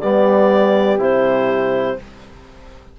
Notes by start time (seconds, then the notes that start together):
0.00 G3 B3 G4 D5
0.99 C3 E4 C5